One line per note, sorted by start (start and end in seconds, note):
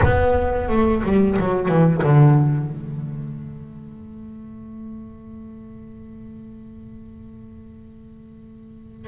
0.02 0.68 B3
0.68 1.02 A3
1.03 1.37 G3
1.38 1.68 F#3
1.68 2.02 E3
2.03 2.68 D3
2.68 9.08 A3